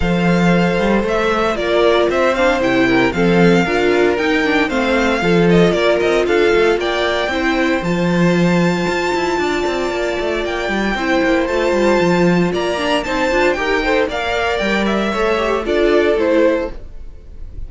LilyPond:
<<
  \new Staff \with { instrumentName = "violin" } { \time 4/4 \tempo 4 = 115 f''2 e''4 d''4 | e''8 f''8 g''4 f''2 | g''4 f''4. dis''8 d''8 dis''8 | f''4 g''2 a''4~ |
a''1 | g''2 a''2 | ais''4 a''4 g''4 f''4 | g''8 e''4. d''4 c''4 | }
  \new Staff \with { instrumentName = "violin" } { \time 4/4 c''2. ais'4 | c''4. ais'8 a'4 ais'4~ | ais'4 c''4 a'4 ais'4 | a'4 d''4 c''2~ |
c''2 d''2~ | d''4 c''2. | d''4 c''4 ais'8 c''8 d''4~ | d''4 cis''4 a'2 | }
  \new Staff \with { instrumentName = "viola" } { \time 4/4 a'2. f'4~ | f'8 d'8 e'4 c'4 f'4 | dis'8 d'8 c'4 f'2~ | f'2 e'4 f'4~ |
f'1~ | f'4 e'4 f'2~ | f'8 d'8 dis'8 f'8 g'8 a'8 ais'4~ | ais'4 a'8 g'8 f'4 e'4 | }
  \new Staff \with { instrumentName = "cello" } { \time 4/4 f4. g8 a4 ais4 | c'4 c4 f4 d'4 | dis'4 a4 f4 ais8 c'8 | d'8 a8 ais4 c'4 f4~ |
f4 f'8 e'8 d'8 c'8 ais8 a8 | ais8 g8 c'8 ais8 a8 g8 f4 | ais4 c'8 d'8 dis'4 ais4 | g4 a4 d'4 a4 | }
>>